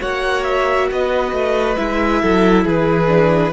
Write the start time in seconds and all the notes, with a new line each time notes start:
0.00 A#3 F#4 C#5 F#5
0.43 E5
0.91 B3 B4 D#5
1.32 A3
1.76 G#3 E4 E5
2.21 F#3 A4
2.64 E3 G#4 B4
3.07 D4